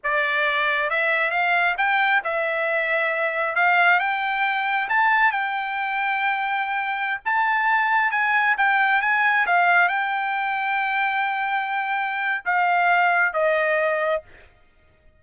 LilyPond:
\new Staff \with { instrumentName = "trumpet" } { \time 4/4 \tempo 4 = 135 d''2 e''4 f''4 | g''4 e''2. | f''4 g''2 a''4 | g''1~ |
g''16 a''2 gis''4 g''8.~ | g''16 gis''4 f''4 g''4.~ g''16~ | g''1 | f''2 dis''2 | }